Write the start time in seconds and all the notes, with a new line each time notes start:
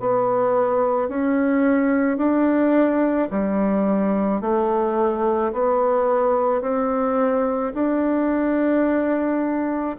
0.00 B3
1.09 C#4
2.18 D4
3.31 G3
4.41 A3
5.53 B3
6.62 C4
7.74 D4